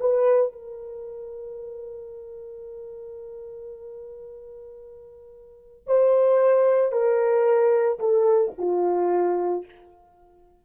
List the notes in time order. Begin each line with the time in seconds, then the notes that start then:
0.00 B4
0.52 A#4
5.87 C5
6.92 A#4
7.99 A4
8.58 F4